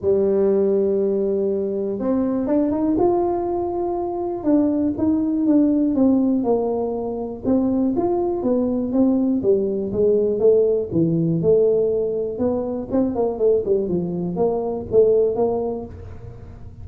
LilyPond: \new Staff \with { instrumentName = "tuba" } { \time 4/4 \tempo 4 = 121 g1 | c'4 d'8 dis'8 f'2~ | f'4 d'4 dis'4 d'4 | c'4 ais2 c'4 |
f'4 b4 c'4 g4 | gis4 a4 e4 a4~ | a4 b4 c'8 ais8 a8 g8 | f4 ais4 a4 ais4 | }